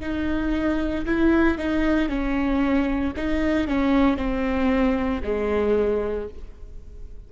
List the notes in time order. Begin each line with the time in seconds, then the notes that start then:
0.00 D#4
1.06 E4
1.58 D#4
2.09 C#4
3.16 D#4
3.67 C#4
4.17 C4
5.23 G#3